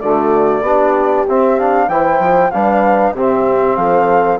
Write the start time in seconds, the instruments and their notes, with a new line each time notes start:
0.00 bassoon D3, trombone A3, horn F#4, flute D5
0.61 bassoon B3, trombone D4, horn G4
1.28 bassoon C4, trombone C4, flute E5
1.58 trombone D4, flute F5
1.88 bassoon E3, trombone E4, horn C5, flute G5
2.19 bassoon F3
2.50 bassoon G3, trombone D4, horn B4, flute F5
3.12 bassoon C3, trombone C4, horn G4
3.20 flute E5
3.76 bassoon F3, horn A4, flute F5